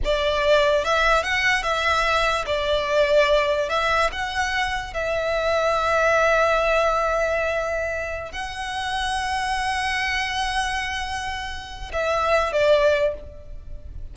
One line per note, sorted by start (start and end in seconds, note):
0.04 0.84 D5
0.84 1.23 E5
1.23 1.63 F#5
1.63 2.45 E5
2.46 3.69 D5
3.69 4.10 E5
4.12 4.93 F#5
4.93 8.31 E5
8.31 11.91 F#5
11.92 12.52 E5
12.52 13.14 D5